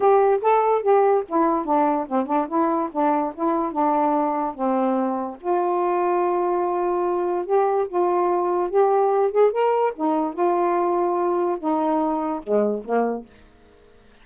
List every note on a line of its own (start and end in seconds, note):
0.00 0.40 G4
0.41 0.82 A4
0.82 1.23 G4
1.28 1.65 E4
1.65 2.06 D4
2.08 2.26 C4
2.26 2.47 D4
2.48 2.89 E4
2.92 3.33 D4
3.34 3.72 E4
3.72 4.54 D4
4.54 5.37 C4
5.40 7.45 F4
7.45 7.87 G4
7.88 8.70 F4
8.70 9.31 G4
9.31 9.51 G#4
9.51 9.93 A#4
9.95 10.33 D#4
10.33 11.57 F4
11.59 12.42 D#4
12.42 12.84 G#3
12.84 13.26 A#3